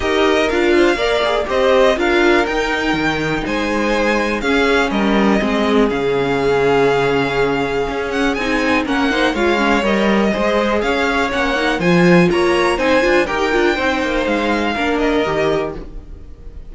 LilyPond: <<
  \new Staff \with { instrumentName = "violin" } { \time 4/4 \tempo 4 = 122 dis''4 f''2 dis''4 | f''4 g''2 gis''4~ | gis''4 f''4 dis''2 | f''1~ |
f''8 fis''8 gis''4 fis''4 f''4 | dis''2 f''4 fis''4 | gis''4 ais''4 gis''4 g''4~ | g''4 f''4. dis''4. | }
  \new Staff \with { instrumentName = "violin" } { \time 4/4 ais'4. c''8 d''4 c''4 | ais'2. c''4~ | c''4 gis'4 ais'4 gis'4~ | gis'1~ |
gis'2 ais'8 c''8 cis''4~ | cis''4 c''4 cis''2 | c''4 cis''4 c''4 ais'4 | c''2 ais'2 | }
  \new Staff \with { instrumentName = "viola" } { \time 4/4 g'4 f'4 ais'8 gis'8 g'4 | f'4 dis'2.~ | dis'4 cis'2 c'4 | cis'1~ |
cis'4 dis'4 cis'8 dis'8 f'8 cis'8 | ais'4 gis'2 cis'8 dis'8 | f'2 dis'8 f'8 g'8 f'8 | dis'2 d'4 g'4 | }
  \new Staff \with { instrumentName = "cello" } { \time 4/4 dis'4 d'4 ais4 c'4 | d'4 dis'4 dis4 gis4~ | gis4 cis'4 g4 gis4 | cis1 |
cis'4 c'4 ais4 gis4 | g4 gis4 cis'4 ais4 | f4 ais4 c'8 d'8 dis'8 d'8 | c'8 ais8 gis4 ais4 dis4 | }
>>